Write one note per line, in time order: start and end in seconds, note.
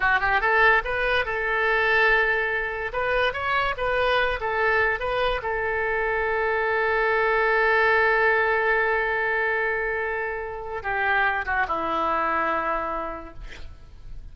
0.00 0.20 F#4
0.20 0.40 G4
0.40 0.82 A4
0.84 1.25 B4
1.25 2.92 A4
2.92 3.33 B4
3.33 3.74 C#5
3.77 4.39 B4
4.40 4.99 A4
4.99 5.41 B4
5.42 10.82 A4
10.82 11.45 G4
11.45 11.66 F#4
11.67 13.34 E4